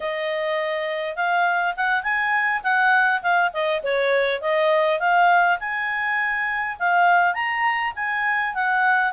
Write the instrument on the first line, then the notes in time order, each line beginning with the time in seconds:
clarinet
0.00 D#5
1.16 F5
1.76 F#5
2.03 G#5
2.63 F#5
3.22 F5
3.53 D#5
3.83 C#5
4.41 D#5
4.99 F5
5.59 G#5
6.79 F5
7.34 A#5
7.95 G#5
8.54 F#5